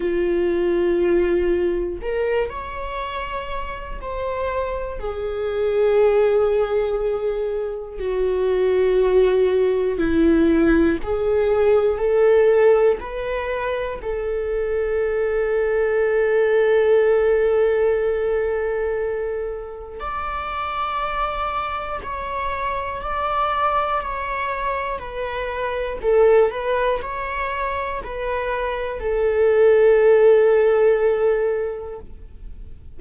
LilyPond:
\new Staff \with { instrumentName = "viola" } { \time 4/4 \tempo 4 = 60 f'2 ais'8 cis''4. | c''4 gis'2. | fis'2 e'4 gis'4 | a'4 b'4 a'2~ |
a'1 | d''2 cis''4 d''4 | cis''4 b'4 a'8 b'8 cis''4 | b'4 a'2. | }